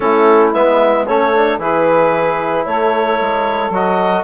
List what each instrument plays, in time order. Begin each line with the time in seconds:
0.00 bassoon A3, trombone C#4, saxophone E4, clarinet A4
0.53 bassoon G#3, trombone B3, clarinet E5
1.05 bassoon A3, trombone C#4, saxophone A4, clarinet C#5
1.34 trombone D4
1.58 bassoon E3, trombone E4, saxophone G#4, clarinet B4
2.65 bassoon A3, saxophone A4, clarinet C#5
3.20 bassoon G#3
3.70 bassoon F#3, trombone F#4, clarinet D#5